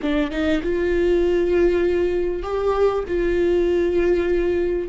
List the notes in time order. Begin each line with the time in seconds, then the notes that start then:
0.02 D4
0.31 D#4
0.62 F4
2.42 G4
3.08 F4